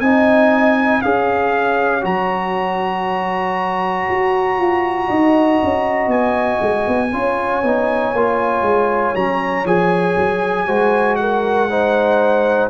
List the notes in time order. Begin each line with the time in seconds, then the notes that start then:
0.00 C4 D#4 D#5 G#5
1.02 C#4 G#4 C#5 F5
2.01 F#3 F#4 A#5
4.10 F#4
4.58 F4
5.07 D#4 D#5
5.63 C#4
6.07 B3 G#5
6.62 G#3
6.87 B3
7.11 C#4 F4 C#5
7.63 B3 D#4
8.14 A#3 F4
8.62 G#3
9.15 F#3 C#4 A#5
9.64 F3 G#4 G#5
10.17 F#3
10.67 G#3 F#4 C5
11.16 A#4 F#5
11.70 D#4 C5